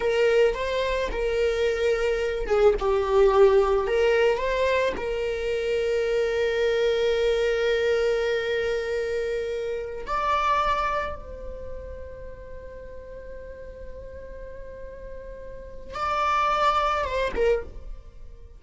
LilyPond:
\new Staff \with { instrumentName = "viola" } { \time 4/4 \tempo 4 = 109 ais'4 c''4 ais'2~ | ais'8 gis'8 g'2 ais'4 | c''4 ais'2.~ | ais'1~ |
ais'2~ ais'16 d''4.~ d''16~ | d''16 c''2.~ c''8.~ | c''1~ | c''4 d''2 c''8 ais'8 | }